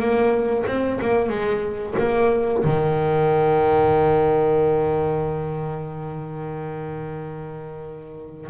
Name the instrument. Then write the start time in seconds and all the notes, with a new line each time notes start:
double bass
0.00 A#3
0.67 C4
1.02 A#3
1.30 G#3
1.99 A#3
2.64 D#3